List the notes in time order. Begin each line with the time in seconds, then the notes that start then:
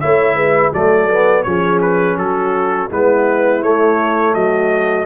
0.00 A3 E4 C#5 E5
0.34 G#3 B4
0.73 F#3 A3 A4 D5
1.09 B3
1.43 F3 C#4 G#4 C#5
1.81 B4
2.16 F#3 F#4 A4
2.90 G#3 B3 E4 B4
3.62 A3 C#5
4.34 F#3 F#4 D#5